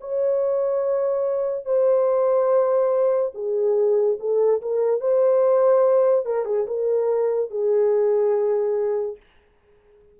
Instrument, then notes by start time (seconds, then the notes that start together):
horn
0.00 C#5
1.65 C5
3.34 G#4
4.19 A4
4.61 A#4
5.00 C5
6.25 A#4
6.45 G#4
6.67 A#4
7.50 G#4